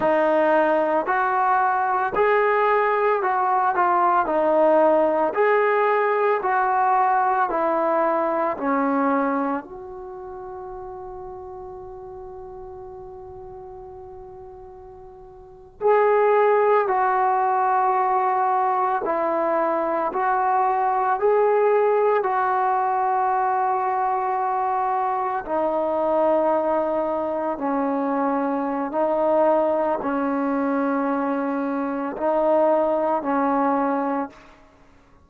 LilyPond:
\new Staff \with { instrumentName = "trombone" } { \time 4/4 \tempo 4 = 56 dis'4 fis'4 gis'4 fis'8 f'8 | dis'4 gis'4 fis'4 e'4 | cis'4 fis'2.~ | fis'2~ fis'8. gis'4 fis'16~ |
fis'4.~ fis'16 e'4 fis'4 gis'16~ | gis'8. fis'2. dis'16~ | dis'4.~ dis'16 cis'4~ cis'16 dis'4 | cis'2 dis'4 cis'4 | }